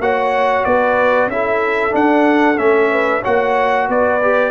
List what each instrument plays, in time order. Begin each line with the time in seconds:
0.00 tuba A#3, trombone F#4, horn C#5, trumpet F#5
0.65 tuba B3, horn B4, trumpet D5
1.28 tuba C#4, trombone E4, horn A4, trumpet E5
1.91 trombone D4, tuba D4, trumpet F#5
2.58 tuba A3, trombone C#4, trumpet E5
2.92 horn B4
3.22 tuba A#3, trombone F#4, horn C#5, trumpet F#5
3.89 tuba B3, horn B4, trumpet D5
4.22 trombone G4